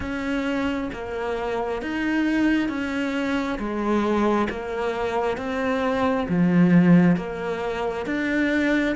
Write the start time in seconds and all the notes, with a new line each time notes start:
0.00 C#4
0.92 A#3
1.82 D#4
2.68 C#4
3.58 G#3
4.49 A#3
5.37 C4
6.28 F3
7.16 A#3
8.06 D4